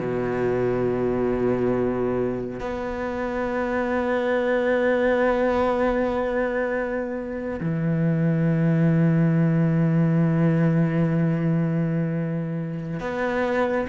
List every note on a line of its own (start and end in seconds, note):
0.00 2.60 B2
2.60 7.60 B3
7.60 13.00 E3
13.00 13.87 B3